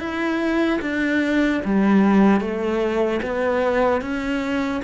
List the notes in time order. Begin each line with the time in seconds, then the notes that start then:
0.00 E4
0.81 D4
1.65 G3
2.41 A3
3.23 B3
4.01 C#4